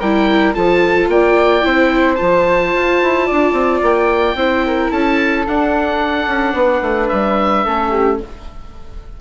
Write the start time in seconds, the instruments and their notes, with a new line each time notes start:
0.00 bassoon G3, viola E4, flute A#4, oboe G5
0.54 bassoon F3, viola F4, flute A4, oboe A5
1.09 bassoon A#3, flute D5, oboe G5
1.62 bassoon C4, viola E4, flute C5
2.15 bassoon F3, viola F4, oboe A5
2.74 bassoon F4
3.02 bassoon E4
3.26 bassoon D4, flute D5
3.53 bassoon C4
3.82 bassoon A#3, oboe G5
4.35 bassoon C4, viola E4, flute C5
4.66 flute A#4
4.91 bassoon C#4, flute A4, oboe A5
5.47 bassoon D4, viola D4, oboe F#5
6.27 bassoon C#4
6.54 bassoon B3, flute B4
6.82 bassoon A3
7.08 bassoon G3, oboe E5
7.65 bassoon A3, viola C#4, flute A4
7.91 flute G4